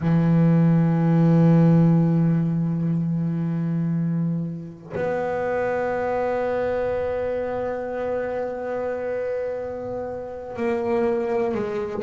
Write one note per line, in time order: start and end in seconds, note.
0.00 4.92 E3
4.94 10.56 B3
10.56 11.54 A#3
11.54 12.02 G#3